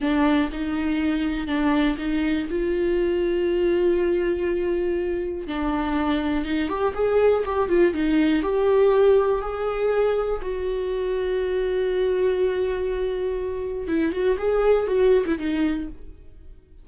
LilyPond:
\new Staff \with { instrumentName = "viola" } { \time 4/4 \tempo 4 = 121 d'4 dis'2 d'4 | dis'4 f'2.~ | f'2. d'4~ | d'4 dis'8 g'8 gis'4 g'8 f'8 |
dis'4 g'2 gis'4~ | gis'4 fis'2.~ | fis'1 | e'8 fis'8 gis'4 fis'8. e'16 dis'4 | }